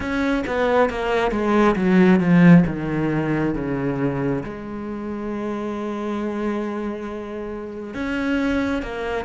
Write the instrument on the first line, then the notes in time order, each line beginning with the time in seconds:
cello
0.00 C#4
0.47 B3
0.89 A#3
1.31 G#3
1.75 F#3
2.19 F3
2.66 D#3
3.55 C#3
4.43 G#3
7.94 C#4
8.82 A#3